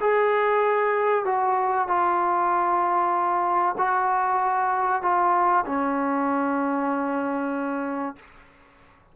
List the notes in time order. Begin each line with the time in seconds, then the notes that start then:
0.00 G#4
1.25 F#4
1.88 F4
3.77 F#4
5.02 F4
5.65 C#4